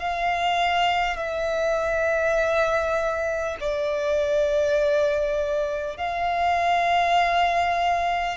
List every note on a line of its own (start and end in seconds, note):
0.00 1.17 F5
1.17 3.57 E5
3.61 5.98 D5
5.98 8.37 F5